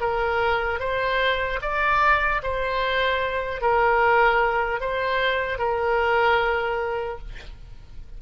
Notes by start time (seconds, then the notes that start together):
0.00 A#4
0.79 C5
1.61 D5
2.43 C5
3.61 A#4
4.80 C5
5.58 A#4